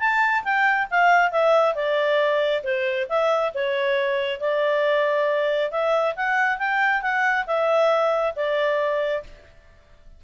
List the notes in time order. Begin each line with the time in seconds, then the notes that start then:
0.00 A5
0.44 G5
0.91 F5
1.32 E5
1.76 D5
2.64 C5
3.09 E5
3.55 C#5
4.41 D5
5.72 E5
6.16 F#5
6.59 G5
7.02 F#5
7.47 E5
8.36 D5